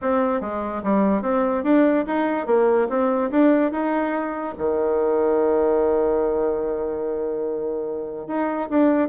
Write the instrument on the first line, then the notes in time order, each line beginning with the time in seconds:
bassoon
0.01 C4
0.40 G#3
0.83 G3
1.22 C4
1.63 D4
2.06 D#4
2.46 A#3
2.89 C4
3.30 D4
3.71 D#4
4.58 D#3
8.27 D#4
8.69 D4